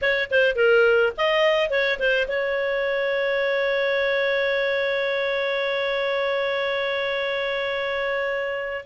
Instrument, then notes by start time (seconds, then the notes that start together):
clarinet
0.01 C#5
0.31 C5
0.55 A#4
1.17 D#5
1.70 C#5
1.99 C5
2.28 C#5